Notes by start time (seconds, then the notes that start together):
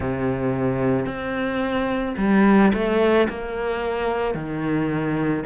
0.00 C3
1.06 C4
2.17 G3
2.73 A3
3.29 A#3
4.34 D#3